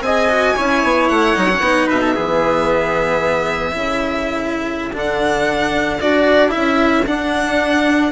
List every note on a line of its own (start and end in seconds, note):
0.00 0.53 C4
0.00 0.29 G#4
0.00 0.55 D#5
0.00 1.08 G#5
0.29 0.55 F#4
0.55 0.83 C#4
0.55 1.35 E4
0.55 1.86 C#5
0.83 1.09 B3
1.08 1.36 A3
1.08 1.87 F#5
1.35 1.60 F#3
1.35 1.48 D#4
1.49 1.62 C#4
1.60 1.86 B3
1.60 2.15 D#4
1.86 2.17 B2
1.86 1.99 B4
1.86 4.95 E5
2.00 2.13 A4
2.14 3.74 E3
2.14 3.71 B3
2.14 3.73 G#4
3.71 4.92 C#3
3.71 4.91 E4
3.71 8.11 A4
4.92 5.98 D3
4.92 5.99 D4
4.92 6.00 F#5
6.00 6.55 D4
6.00 6.48 F#4
6.00 6.51 D5
6.48 7.01 E4
6.48 7.04 E5
6.55 7.06 C#4
7.06 8.11 D4
7.06 8.11 F#5